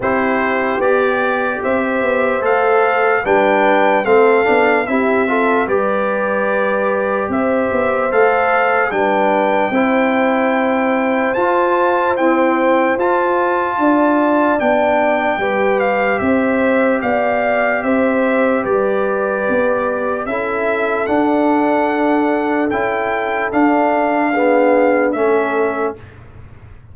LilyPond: <<
  \new Staff \with { instrumentName = "trumpet" } { \time 4/4 \tempo 4 = 74 c''4 d''4 e''4 f''4 | g''4 f''4 e''4 d''4~ | d''4 e''4 f''4 g''4~ | g''2 a''4 g''4 |
a''2 g''4. f''8 | e''4 f''4 e''4 d''4~ | d''4 e''4 fis''2 | g''4 f''2 e''4 | }
  \new Staff \with { instrumentName = "horn" } { \time 4/4 g'2 c''2 | b'4 a'4 g'8 a'8 b'4~ | b'4 c''2 b'4 | c''1~ |
c''4 d''2 b'4 | c''4 d''4 c''4 b'4~ | b'4 a'2.~ | a'2 gis'4 a'4 | }
  \new Staff \with { instrumentName = "trombone" } { \time 4/4 e'4 g'2 a'4 | d'4 c'8 d'8 e'8 f'8 g'4~ | g'2 a'4 d'4 | e'2 f'4 c'4 |
f'2 d'4 g'4~ | g'1~ | g'4 e'4 d'2 | e'4 d'4 b4 cis'4 | }
  \new Staff \with { instrumentName = "tuba" } { \time 4/4 c'4 b4 c'8 b8 a4 | g4 a8 b8 c'4 g4~ | g4 c'8 b8 a4 g4 | c'2 f'4 e'4 |
f'4 d'4 b4 g4 | c'4 b4 c'4 g4 | b4 cis'4 d'2 | cis'4 d'2 a4 | }
>>